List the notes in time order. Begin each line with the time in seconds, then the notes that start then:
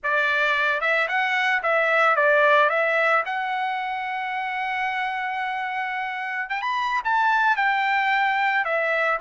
0.03 D5
0.80 E5
1.08 F#5
1.62 E5
2.15 D5
2.69 E5
3.25 F#5
6.49 G5
6.61 B5
7.04 A5
7.56 G5
8.64 E5